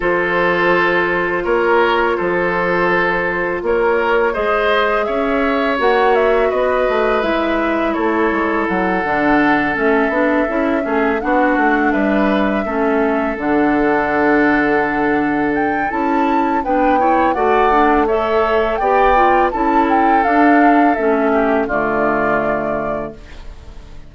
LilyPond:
<<
  \new Staff \with { instrumentName = "flute" } { \time 4/4 \tempo 4 = 83 c''2 cis''4 c''4~ | c''4 cis''4 dis''4 e''4 | fis''8 e''8 dis''4 e''4 cis''4 | fis''4. e''2 fis''8~ |
fis''8 e''2 fis''4.~ | fis''4. g''8 a''4 g''4 | fis''4 e''4 g''4 a''8 g''8 | f''4 e''4 d''2 | }
  \new Staff \with { instrumentName = "oboe" } { \time 4/4 a'2 ais'4 a'4~ | a'4 ais'4 c''4 cis''4~ | cis''4 b'2 a'4~ | a'2. gis'8 fis'8~ |
fis'8 b'4 a'2~ a'8~ | a'2. b'8 cis''8 | d''4 cis''4 d''4 a'4~ | a'4. g'8 f'2 | }
  \new Staff \with { instrumentName = "clarinet" } { \time 4/4 f'1~ | f'2 gis'2 | fis'2 e'2~ | e'8 d'4 cis'8 d'8 e'8 cis'8 d'8~ |
d'4. cis'4 d'4.~ | d'2 e'4 d'8 e'8 | fis'8 d'8 a'4 g'8 f'8 e'4 | d'4 cis'4 a2 | }
  \new Staff \with { instrumentName = "bassoon" } { \time 4/4 f2 ais4 f4~ | f4 ais4 gis4 cis'4 | ais4 b8 a8 gis4 a8 gis8 | fis8 d4 a8 b8 cis'8 a8 b8 |
a8 g4 a4 d4.~ | d2 cis'4 b4 | a2 b4 cis'4 | d'4 a4 d2 | }
>>